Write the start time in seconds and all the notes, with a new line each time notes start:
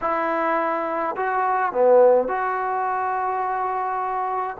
0.01 E4
1.16 F#4
1.72 B3
2.28 F#4